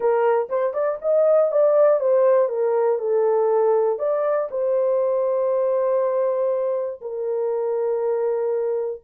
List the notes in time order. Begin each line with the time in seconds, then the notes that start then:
0.00 A#4
0.49 C5
0.73 D5
1.01 D#5
1.51 D5
2.00 C5
2.48 A#4
2.99 A4
3.98 D5
4.50 C5
7.01 A#4